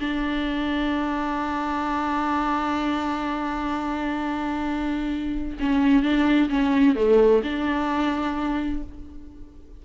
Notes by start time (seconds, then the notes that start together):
0.00 D4
5.60 C#4
6.03 D4
6.50 C#4
6.96 A3
7.44 D4